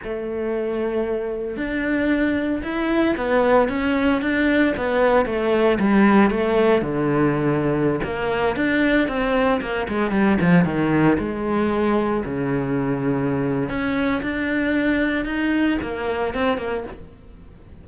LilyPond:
\new Staff \with { instrumentName = "cello" } { \time 4/4 \tempo 4 = 114 a2. d'4~ | d'4 e'4 b4 cis'4 | d'4 b4 a4 g4 | a4 d2~ d16 ais8.~ |
ais16 d'4 c'4 ais8 gis8 g8 f16~ | f16 dis4 gis2 cis8.~ | cis2 cis'4 d'4~ | d'4 dis'4 ais4 c'8 ais8 | }